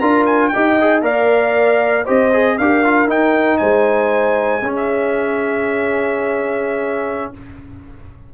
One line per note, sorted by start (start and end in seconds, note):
0.00 0.53 D4
0.00 0.53 F4
0.00 0.52 A#4
0.00 0.26 A#5
0.26 0.49 G#5
0.49 0.80 G4
0.49 1.04 D#5
0.49 1.00 G5
0.56 1.02 D#4
0.81 1.03 G#4
1.02 2.05 A#3
1.02 2.05 A#4
1.02 2.05 D5
1.02 2.08 F5
2.05 2.59 C4
2.05 2.32 G4
2.05 2.56 C5
2.05 2.58 D#5
2.33 2.59 G#4
2.58 3.09 D4
2.58 2.85 G4
2.58 3.60 A#4
2.58 3.09 F5
2.85 3.08 F4
3.08 4.62 D#4
3.08 3.60 D#4
3.08 3.58 G5
3.58 4.62 G#3
3.58 4.62 C5
3.58 4.73 G#5
4.62 7.31 C#4
4.62 7.34 C#4
4.62 7.32 G#4
4.77 7.33 E5